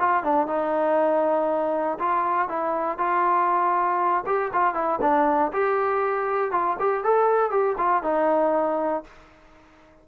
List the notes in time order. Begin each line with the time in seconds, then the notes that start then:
0.00 F4
0.24 D4
0.47 D#4
1.99 F4
2.49 E4
2.98 F4
4.27 G4
4.53 F4
4.75 E4
5.02 D4
5.53 G4
6.52 F4
6.80 G4
7.04 A4
7.51 G4
7.78 F4
8.04 D#4